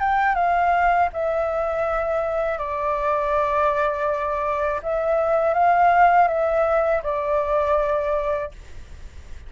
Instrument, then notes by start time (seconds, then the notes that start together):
flute
0.00 G5
0.35 F5
1.13 E5
2.58 D5
4.82 E5
5.54 F5
6.28 E5
7.03 D5